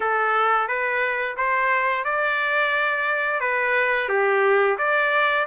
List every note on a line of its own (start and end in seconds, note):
0.00 0.68 A4
0.68 1.36 B4
1.36 2.04 C5
2.04 3.40 D5
3.40 4.08 B4
4.08 4.77 G4
4.78 5.46 D5